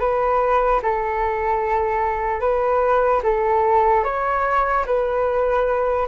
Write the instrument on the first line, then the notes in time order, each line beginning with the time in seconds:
flute
0.00 B4
0.83 A4
2.41 B4
3.24 A4
4.05 C#5
4.86 B4